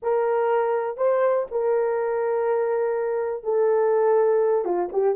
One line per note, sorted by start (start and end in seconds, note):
0.02 0.97 A#4
0.97 1.46 C5
1.51 3.43 A#4
3.43 4.64 A4
4.64 4.89 F4
4.92 5.15 G4